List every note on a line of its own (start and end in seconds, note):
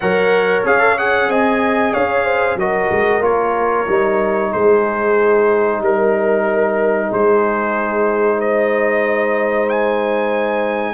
0.00 0.63 F#3
0.00 0.66 A#4
0.00 1.29 C#5
0.00 0.62 F#5
0.63 1.28 C#4
0.63 0.79 G#4
0.63 0.98 F5
0.79 0.95 A4
0.98 2.59 G#4
0.98 1.30 F#5
1.28 1.92 C4
1.28 1.93 D#5
1.28 1.93 G#5
1.93 2.55 C#4
1.93 2.25 C#5
1.93 2.58 F5
2.25 2.57 C5
2.55 2.88 F#3
2.55 3.21 F#4
2.55 4.51 A#4
2.55 3.23 D#5
2.91 3.20 G#3
3.20 3.85 A#3
3.20 3.86 F4
3.20 4.52 C#5
3.86 4.53 G3
3.86 10.94 D#4
4.51 5.80 G#3
4.51 5.80 G#4
4.51 5.81 C5
5.80 7.09 G3
5.80 7.08 A#4
5.80 7.12 A#4
7.08 10.94 G#3
7.08 8.37 G#4
7.08 8.40 C5
8.38 10.94 C5
8.38 9.69 D#5
9.69 10.94 G#5